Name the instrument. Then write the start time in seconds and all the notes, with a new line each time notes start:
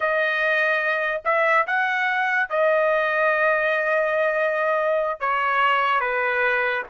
trumpet
0.00 D#5
1.25 E5
1.66 F#5
2.49 D#5
5.19 C#5
6.00 B4